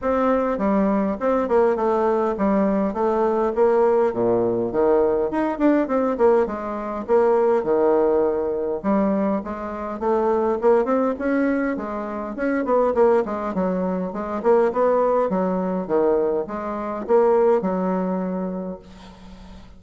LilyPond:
\new Staff \with { instrumentName = "bassoon" } { \time 4/4 \tempo 4 = 102 c'4 g4 c'8 ais8 a4 | g4 a4 ais4 ais,4 | dis4 dis'8 d'8 c'8 ais8 gis4 | ais4 dis2 g4 |
gis4 a4 ais8 c'8 cis'4 | gis4 cis'8 b8 ais8 gis8 fis4 | gis8 ais8 b4 fis4 dis4 | gis4 ais4 fis2 | }